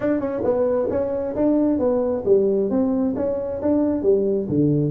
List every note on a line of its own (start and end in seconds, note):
0.00 0.19 D4
0.19 0.42 C#4
0.44 0.88 B3
0.90 1.35 C#4
1.35 1.78 D4
1.78 2.23 B3
2.25 2.69 G3
2.70 3.14 C4
3.16 3.60 C#4
3.61 4.02 D4
4.02 4.47 G3
4.49 4.91 D3